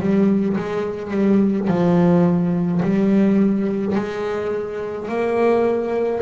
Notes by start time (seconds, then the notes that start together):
0.00 G3
0.57 G#3
1.11 G3
1.68 F3
2.83 G3
3.96 G#3
5.09 A#3